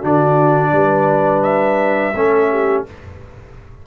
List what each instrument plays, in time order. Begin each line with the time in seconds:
0.00 tuba D3, trombone D4, horn F#4, trumpet D5
0.73 tuba G3, horn B4
1.43 trumpet E5
2.14 tuba A3, trombone C#4, horn A4
2.51 horn G4